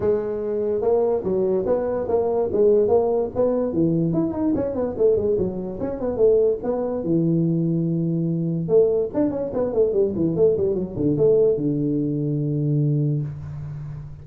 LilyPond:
\new Staff \with { instrumentName = "tuba" } { \time 4/4 \tempo 4 = 145 gis2 ais4 fis4 | b4 ais4 gis4 ais4 | b4 e4 e'8 dis'8 cis'8 b8 | a8 gis8 fis4 cis'8 b8 a4 |
b4 e2.~ | e4 a4 d'8 cis'8 b8 a8 | g8 e8 a8 g8 fis8 d8 a4 | d1 | }